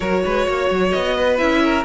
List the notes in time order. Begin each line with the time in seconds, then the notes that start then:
0.00 F#3 F#4 A#4 C#5
0.24 G#3 B4
0.46 A#3 C#5
0.70 F#3
0.90 B3 D#5
1.16 B4
1.37 C#4 E4 E5
1.63 A#4